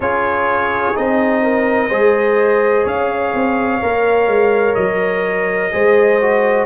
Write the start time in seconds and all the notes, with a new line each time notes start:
0.00 C#4 F4 G#4 C#5
0.94 C4 D#4 D#5
1.42 A#4
1.88 G#3 G#4 C5
2.84 C#4 C#5 F5
3.34 C4
3.81 A#3 A#4
4.27 G#3
4.74 F#3 D#5
5.71 G#3 G#4 C5
6.21 F#4